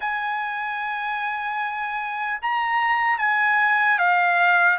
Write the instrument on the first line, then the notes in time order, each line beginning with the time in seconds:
trumpet
0.00 G#5
2.41 A#5
3.18 G#5
3.98 F5